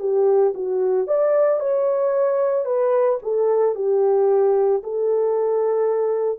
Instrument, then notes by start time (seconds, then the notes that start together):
horn
0.00 G4
0.55 F#4
1.08 D5
1.60 C#5
2.65 B4
3.23 A4
3.75 G4
4.84 A4